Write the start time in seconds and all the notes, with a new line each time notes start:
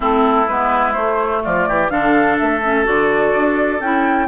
0.00 A3 C4 E4 A4
0.48 G#3 B3 B4
0.93 A3 C5
1.44 F3 F4 D5
1.68 E3 G4
1.90 D3 D4 A4 F5
2.38 A3 E5
2.63 C#4
2.84 D3 F#4 D5
3.34 D4
3.80 C#4 E4 G5